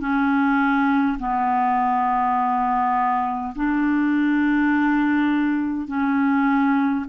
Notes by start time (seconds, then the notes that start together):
0.00 C#4
1.19 B3
3.55 D4
5.87 C#4